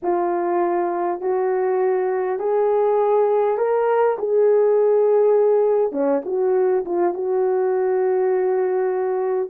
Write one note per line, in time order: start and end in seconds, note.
0.02 1.20 F4
1.20 2.39 F#4
2.39 3.57 G#4
3.57 4.17 A#4
4.18 5.92 G#4
5.92 6.21 C#4
6.25 6.84 F#4
6.85 7.14 F4
7.14 9.49 F#4